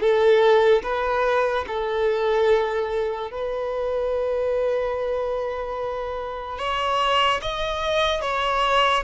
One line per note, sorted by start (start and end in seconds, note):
0.00 0.82 A4
0.83 1.65 B4
1.67 3.31 A4
3.31 6.58 B4
6.58 7.40 C#5
7.42 8.22 D#5
8.22 9.04 C#5